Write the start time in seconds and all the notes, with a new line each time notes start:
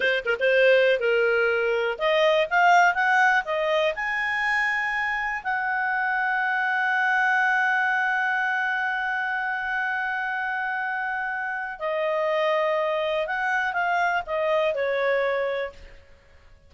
0.00 C5
0.25 A#4
0.39 C5
0.99 A#4
1.98 D#5
2.49 F5
2.94 F#5
3.44 D#5
3.95 G#5
5.43 F#5
11.79 D#5
13.26 F#5
13.73 F5
14.26 D#5
14.74 C#5